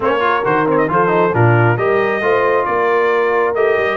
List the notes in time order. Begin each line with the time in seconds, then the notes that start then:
0.00 A#3 C#4 C5 C#5
0.19 F4 A#4
0.44 D#3 F#4 C5
0.66 C4 C#5
0.77 D#5
0.87 F3 F4 A4 C5
1.07 D#4
1.32 A#2 D4 F4 A#4
1.77 G3 G4 A#4 D#5
2.21 A3 F4 C5
2.65 A#3 A#4 D5
3.54 A3 G4 D#5
3.77 G3